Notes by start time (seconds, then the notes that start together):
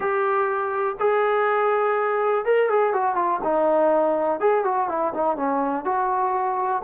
0.00 G4
0.99 G#4
2.45 A#4
2.69 G#4
2.93 F#4
3.15 F4
3.43 D#4
4.40 G#4
4.64 F#4
4.88 E4
5.14 D#4
5.36 C#4
5.84 F#4